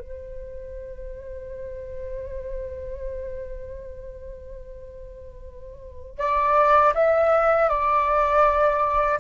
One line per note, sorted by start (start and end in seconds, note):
0.00 6.19 C5
6.19 6.94 D5
6.95 7.69 E5
7.69 9.19 D5